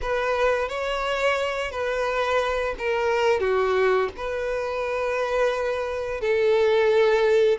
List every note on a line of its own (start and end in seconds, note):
0.01 0.68 B4
0.68 1.71 C#5
1.71 2.74 B4
2.78 3.40 A#4
3.40 4.09 F#4
4.16 6.20 B4
6.20 7.58 A4